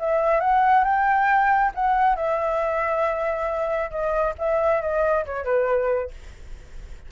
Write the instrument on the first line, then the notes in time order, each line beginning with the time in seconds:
flute
0.00 E5
0.41 F#5
0.85 G5
1.75 F#5
2.16 E5
3.91 D#5
4.39 E5
4.82 D#5
5.26 C#5
5.45 B4